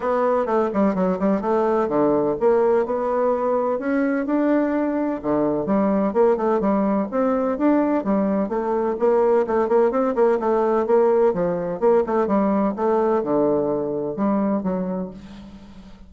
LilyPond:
\new Staff \with { instrumentName = "bassoon" } { \time 4/4 \tempo 4 = 127 b4 a8 g8 fis8 g8 a4 | d4 ais4 b2 | cis'4 d'2 d4 | g4 ais8 a8 g4 c'4 |
d'4 g4 a4 ais4 | a8 ais8 c'8 ais8 a4 ais4 | f4 ais8 a8 g4 a4 | d2 g4 fis4 | }